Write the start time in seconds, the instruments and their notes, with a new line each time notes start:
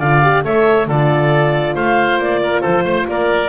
0.00 double bass D3, horn F4, oboe D5, clarinet F5
0.23 horn G4
0.44 double bass A3, horn A4, oboe C#5, clarinet E5
0.88 double bass D3, horn F4, oboe A4, clarinet D5
1.75 double bass A3, oboe C5, clarinet F5
2.18 double bass A#3, clarinet D5
2.43 oboe A#4
2.61 double bass F3, oboe A4, clarinet C5
2.85 double bass A3, oboe C5
3.08 double bass A#3, oboe A#4, clarinet D5